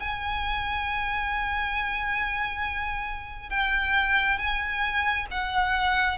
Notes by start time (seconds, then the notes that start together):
0.00 G#5
3.50 G5
4.38 G#5
5.31 F#5